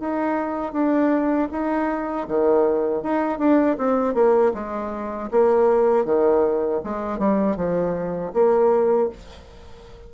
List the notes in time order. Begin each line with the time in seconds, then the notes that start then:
0.00 D#4
0.72 D4
1.52 D#4
2.28 D#3
3.03 D#4
3.39 D4
3.78 C4
4.14 A#3
4.54 G#3
5.31 A#3
6.05 D#3
6.84 G#3
7.19 G3
7.56 F3
8.34 A#3